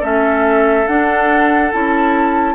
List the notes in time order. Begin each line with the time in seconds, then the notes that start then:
0.00 A3 C#4 A4 E5
0.87 D4 F#5
1.72 C#4 E4 A5